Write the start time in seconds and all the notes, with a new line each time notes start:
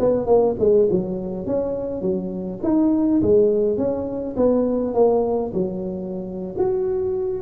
0.00 B3
0.26 A#3
0.60 G#3
0.91 F#3
1.47 C#4
2.02 F#3
2.64 D#4
3.23 G#3
3.78 C#4
4.37 B3
4.95 A#3
5.54 F#3
6.59 F#4